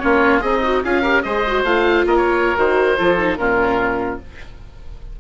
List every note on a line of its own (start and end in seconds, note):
0.00 0.42 A#3
0.00 0.41 C#4
0.00 0.44 F4
0.00 0.41 C#5
0.41 0.83 C4
0.41 0.84 D#4
0.41 0.61 G#4
0.41 0.83 D#5
0.64 0.84 F#4
0.84 1.25 C#4
0.84 1.03 F4
0.84 1.02 G#4
0.84 1.23 F5
1.02 1.24 G4
1.02 1.22 A#4
1.23 1.64 G#3
1.23 1.47 G#4
1.23 2.07 C5
1.23 1.64 D#5
1.48 1.66 F#4
1.64 2.05 A3
1.64 2.56 F4
1.64 2.05 F5
2.06 2.57 A#3
2.06 2.98 A#4
2.06 2.17 D#5
2.17 2.58 C#5
2.56 2.98 D#3
2.56 2.97 F#4
2.56 3.38 C5
2.98 3.38 F3
2.98 3.19 F4
2.98 3.39 A4
3.19 3.39 D#4
3.38 4.19 A#2
3.38 4.20 C#4
3.38 4.20 F4
3.38 4.20 A#4